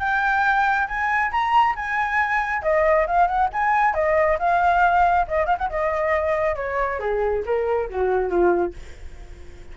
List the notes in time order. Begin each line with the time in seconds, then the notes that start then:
0.00 G5
0.88 G#5
1.32 A#5
1.76 G#5
2.63 D#5
3.07 F5
3.27 F#5
3.53 G#5
3.94 D#5
4.39 F5
5.28 D#5
5.46 F5
5.58 F#5
5.70 D#5
6.56 C#5
7.00 G#4
7.46 A#4
7.90 F#4
8.30 F4